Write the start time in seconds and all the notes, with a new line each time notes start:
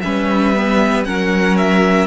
0.00 G3 C#4 B4 E5
0.55 B3
1.04 F#3 C#4 A#4 F#5
1.57 E5